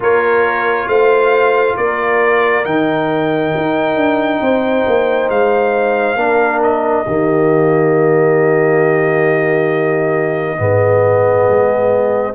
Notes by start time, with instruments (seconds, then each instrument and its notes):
0.00 tuba A#3, trombone F4, horn A#4, trumpet C#5
0.87 tuba A3, horn C5, trumpet F5
1.76 tuba A#3, horn A#4, trumpet D5
2.64 tuba D#3, trombone D#4, trumpet G5
3.56 tuba D#4
3.96 tuba D4
4.41 tuba C4, horn C5
4.87 tuba A#3
5.29 tuba G#3, trumpet F5
6.15 tuba A#3, trombone D4, horn A#4
6.62 trumpet D#5
7.05 tuba D#3, trombone A#3, horn G4
10.57 tuba G#2, trombone B3, horn G#4
11.48 tuba G#3